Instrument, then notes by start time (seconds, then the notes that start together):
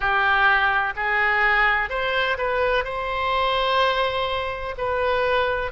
oboe
0.00 G4
0.96 G#4
1.89 C5
2.37 B4
2.84 C5
4.77 B4